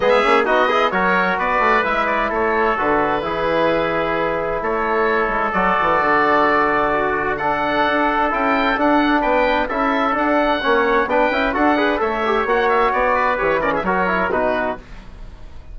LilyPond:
<<
  \new Staff \with { instrumentName = "oboe" } { \time 4/4 \tempo 4 = 130 e''4 dis''4 cis''4 d''4 | e''8 d''8 cis''4 b'2~ | b'2 cis''2 | d''1 |
fis''2 g''4 fis''4 | g''4 e''4 fis''2 | g''4 fis''4 e''4 fis''8 e''8 | d''4 cis''8 d''16 e''16 cis''4 b'4 | }
  \new Staff \with { instrumentName = "trumpet" } { \time 4/4 gis'4 fis'8 gis'8 ais'4 b'4~ | b'4 a'2 gis'4~ | gis'2 a'2~ | a'2. fis'4 |
a'1 | b'4 a'2 cis''4 | b'4 a'8 b'8 cis''2~ | cis''8 b'4 ais'16 gis'16 ais'4 fis'4 | }
  \new Staff \with { instrumentName = "trombone" } { \time 4/4 b8 cis'8 dis'8 e'8 fis'2 | e'2 fis'4 e'4~ | e'1 | fis'1 |
d'2 e'4 d'4~ | d'4 e'4 d'4 cis'4 | d'8 e'8 fis'8 gis'8 a'8 g'8 fis'4~ | fis'4 g'8 cis'8 fis'8 e'8 dis'4 | }
  \new Staff \with { instrumentName = "bassoon" } { \time 4/4 gis8 ais8 b4 fis4 b8 a8 | gis4 a4 d4 e4~ | e2 a4. gis8 | fis8 e8 d2.~ |
d4 d'4 cis'4 d'4 | b4 cis'4 d'4 ais4 | b8 cis'8 d'4 a4 ais4 | b4 e4 fis4 b,4 | }
>>